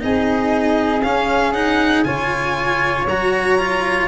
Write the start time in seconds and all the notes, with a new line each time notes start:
0.00 C4 D#4 G#4 D#5
1.03 C#4 F5
1.53 D#4 F#5
2.04 C#3 F4 C#5 G#5
3.07 F#3 F#4 A#5
3.59 F4